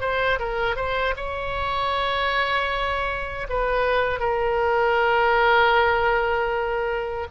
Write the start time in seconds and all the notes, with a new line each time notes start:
0.00 C5
0.39 A#4
0.76 C5
1.16 C#5
3.49 B4
4.19 A#4